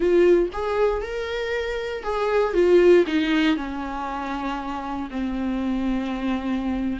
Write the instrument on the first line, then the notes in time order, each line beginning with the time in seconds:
viola
0.00 F4
0.52 G#4
1.01 A#4
2.03 G#4
2.53 F4
3.06 D#4
3.56 C#4
5.10 C4